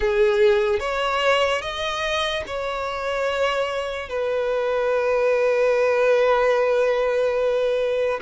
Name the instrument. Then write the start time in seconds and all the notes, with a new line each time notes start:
violin
0.00 G#4
0.79 C#5
1.61 D#5
2.47 C#5
4.09 B4